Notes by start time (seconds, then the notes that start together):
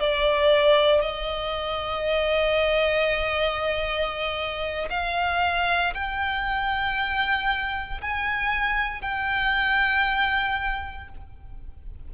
0.00 D5
1.01 D#5
4.90 F5
5.94 G5
8.01 G#5
9.01 G5